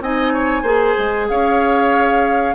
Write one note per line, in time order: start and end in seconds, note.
0.00 0.62 C4
0.00 0.64 D#4
0.00 0.33 D#5
0.00 1.28 G#5
0.33 0.62 C#5
0.62 0.94 A#3
0.62 2.54 G#4
0.62 1.26 C5
0.98 1.30 G#3
1.28 2.54 C#4
1.28 2.54 C#5
1.28 2.54 F5